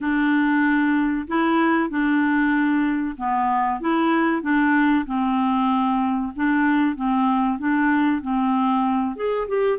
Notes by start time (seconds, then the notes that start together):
0.01 D4
1.27 E4
1.89 D4
3.17 B3
3.80 E4
4.42 D4
5.06 C4
6.35 D4
6.95 C4
7.58 D4
8.21 C4
9.16 G#4
9.48 G4